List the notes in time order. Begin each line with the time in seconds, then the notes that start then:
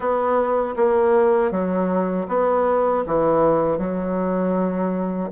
0.00 B3
0.76 A#3
1.51 F#3
2.28 B3
3.06 E3
3.78 F#3